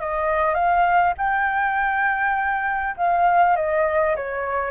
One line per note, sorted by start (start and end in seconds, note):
0.00 0.54 D#5
0.54 1.13 F5
1.17 2.95 G5
2.97 3.56 F5
3.56 4.15 D#5
4.16 4.71 C#5